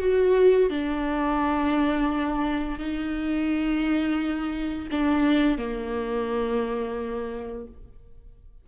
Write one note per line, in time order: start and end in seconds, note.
0.00 0.70 F#4
0.70 2.79 D4
2.79 4.88 D#4
4.91 5.58 D4
5.58 7.67 A#3